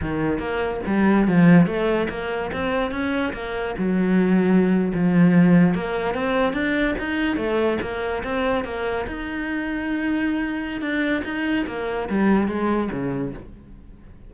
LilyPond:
\new Staff \with { instrumentName = "cello" } { \time 4/4 \tempo 4 = 144 dis4 ais4 g4 f4 | a4 ais4 c'4 cis'4 | ais4 fis2~ fis8. f16~ | f4.~ f16 ais4 c'4 d'16~ |
d'8. dis'4 a4 ais4 c'16~ | c'8. ais4 dis'2~ dis'16~ | dis'2 d'4 dis'4 | ais4 g4 gis4 cis4 | }